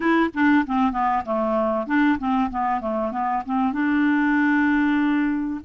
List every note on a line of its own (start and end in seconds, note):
0.00 0.30 E4
0.34 0.65 D4
0.66 0.92 C4
0.92 1.23 B3
1.25 1.86 A3
1.86 2.18 D4
2.18 2.49 C4
2.50 2.80 B3
2.80 3.11 A3
3.11 3.43 B3
3.45 3.72 C4
3.72 5.60 D4